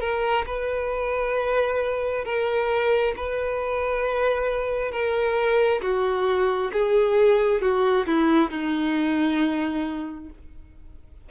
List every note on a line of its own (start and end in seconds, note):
0.00 0.45 A#4
0.46 2.24 B4
2.24 3.14 A#4
3.16 4.91 B4
4.91 5.81 A#4
5.81 6.71 F#4
6.72 7.61 G#4
7.61 8.06 F#4
8.06 8.50 E4
8.50 10.29 D#4